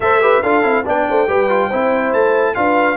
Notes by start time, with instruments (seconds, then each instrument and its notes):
0.00 tuba A3, trombone A4, horn C5, trumpet E5
0.21 trombone G4, horn B4
0.42 tuba D4, trombone F4, horn A4, trumpet F5
0.62 tuba C4, trombone E4
0.85 tuba B3, trombone D4, horn D5, trumpet G5
1.08 tuba A3, horn C5
1.28 tuba G3, trombone G4, horn B4
1.49 trombone F4
1.67 tuba C4, trombone E4, horn C5
2.13 tuba A3, trumpet A5
2.55 tuba D4, trombone F4, horn B4, trumpet F5